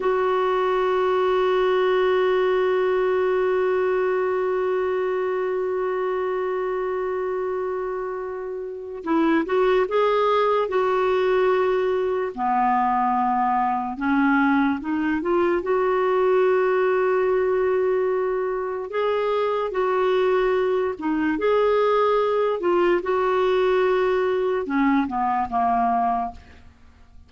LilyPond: \new Staff \with { instrumentName = "clarinet" } { \time 4/4 \tempo 4 = 73 fis'1~ | fis'1~ | fis'2. e'8 fis'8 | gis'4 fis'2 b4~ |
b4 cis'4 dis'8 f'8 fis'4~ | fis'2. gis'4 | fis'4. dis'8 gis'4. f'8 | fis'2 cis'8 b8 ais4 | }